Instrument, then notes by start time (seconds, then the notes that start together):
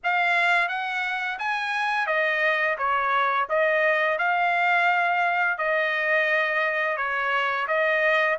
trumpet
0.03 F5
0.68 F#5
1.38 G#5
2.06 D#5
2.78 C#5
3.49 D#5
4.18 F5
5.58 D#5
6.96 C#5
7.67 D#5